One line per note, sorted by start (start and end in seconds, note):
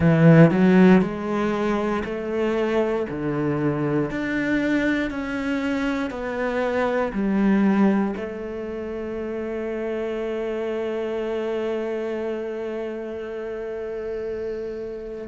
0.00 0.50 E3
0.50 1.01 F#3
1.01 2.03 G#3
2.04 3.06 A3
3.09 4.10 D3
4.10 5.10 D4
5.10 6.10 C#4
6.10 7.12 B3
7.12 8.14 G3
8.16 15.27 A3